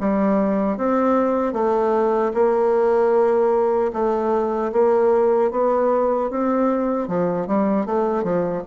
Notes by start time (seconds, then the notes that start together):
0.00 G3
0.78 C4
1.53 A3
2.34 A#3
3.93 A3
4.72 A#3
5.51 B3
6.31 C4
7.08 F3
7.47 G3
7.86 A3
8.24 F3